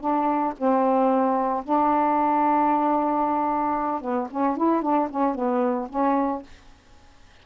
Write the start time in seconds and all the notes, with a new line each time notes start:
0.00 D4
0.57 C4
1.64 D4
4.01 B3
4.31 C#4
4.57 E4
4.82 D4
5.10 C#4
5.35 B3
5.89 C#4